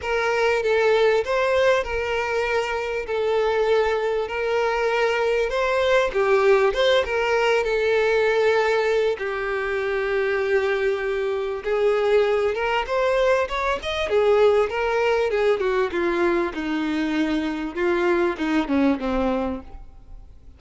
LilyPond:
\new Staff \with { instrumentName = "violin" } { \time 4/4 \tempo 4 = 98 ais'4 a'4 c''4 ais'4~ | ais'4 a'2 ais'4~ | ais'4 c''4 g'4 c''8 ais'8~ | ais'8 a'2~ a'8 g'4~ |
g'2. gis'4~ | gis'8 ais'8 c''4 cis''8 dis''8 gis'4 | ais'4 gis'8 fis'8 f'4 dis'4~ | dis'4 f'4 dis'8 cis'8 c'4 | }